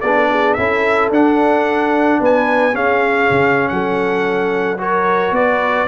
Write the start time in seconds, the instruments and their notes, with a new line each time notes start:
0.00 tuba B3, trombone D4, horn G#4, trumpet D5
0.15 horn A4
0.30 horn G#4
0.54 tuba C#4, trombone E4, horn A4, trumpet E5
1.10 tuba D4, trombone D4, trumpet F#5
2.19 tuba B3, horn B4, trumpet G#5
2.73 trombone C#4, tuba C#4, horn G#4, trumpet F5
3.30 tuba C#3
3.68 tuba F#3, horn A4, trumpet F#5
4.78 trombone F#4, horn A#4, trumpet C#5
5.31 tuba B3, horn B4, trumpet D5